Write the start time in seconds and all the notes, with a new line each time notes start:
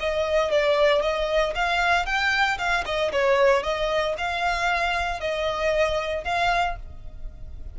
0.00 D#5
0.51 D5
1.02 D#5
1.55 F5
2.06 G5
2.58 F5
2.86 D#5
3.12 C#5
3.63 D#5
4.18 F5
5.20 D#5
6.24 F5